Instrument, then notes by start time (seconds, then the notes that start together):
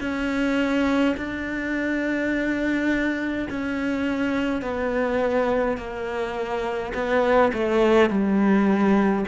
cello
0.00 C#4
1.17 D4
3.50 C#4
4.62 B3
5.77 A#3
6.94 B3
7.53 A3
8.09 G3